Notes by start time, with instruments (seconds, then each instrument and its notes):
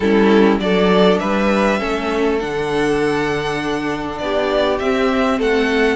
0.00 cello G3, viola C#4, violin E4 A4
0.59 cello F#3, viola D4, violin A4 D5
1.18 cello G3, violin B4 E5
1.78 cello A3, viola C#4, violin A4
2.39 cello D3, viola D4, violin F#5
4.18 cello B3, violin G4 D5
4.79 cello C4, viola C4, violin E5
5.38 cello A3, violin A4 F#5